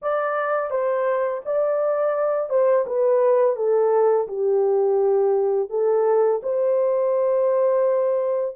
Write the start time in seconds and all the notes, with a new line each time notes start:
0.02 D5
0.70 C5
1.44 D5
2.49 C5
2.86 B4
3.56 A4
4.27 G4
5.69 A4
6.43 C5